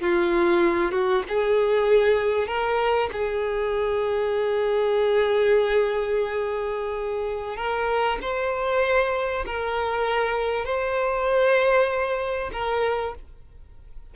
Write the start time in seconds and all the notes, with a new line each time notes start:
0.00 F4
0.92 F#4
1.28 G#4
2.47 A#4
3.12 G#4
7.56 A#4
8.21 C5
9.46 A#4
10.65 C5
12.52 A#4